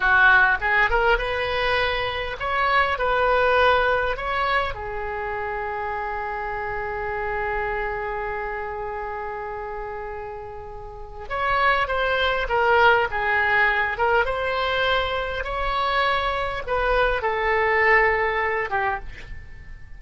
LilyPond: \new Staff \with { instrumentName = "oboe" } { \time 4/4 \tempo 4 = 101 fis'4 gis'8 ais'8 b'2 | cis''4 b'2 cis''4 | gis'1~ | gis'1~ |
gis'2. cis''4 | c''4 ais'4 gis'4. ais'8 | c''2 cis''2 | b'4 a'2~ a'8 g'8 | }